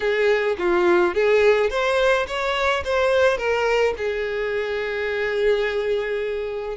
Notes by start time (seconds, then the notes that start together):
0.00 G#4
0.58 F4
1.14 G#4
1.70 C5
2.27 C#5
2.84 C5
3.37 A#4
3.97 G#4